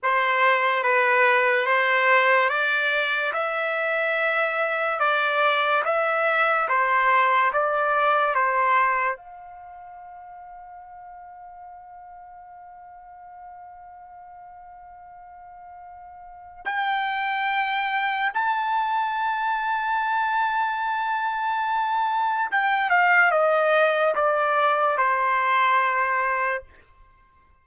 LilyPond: \new Staff \with { instrumentName = "trumpet" } { \time 4/4 \tempo 4 = 72 c''4 b'4 c''4 d''4 | e''2 d''4 e''4 | c''4 d''4 c''4 f''4~ | f''1~ |
f''1 | g''2 a''2~ | a''2. g''8 f''8 | dis''4 d''4 c''2 | }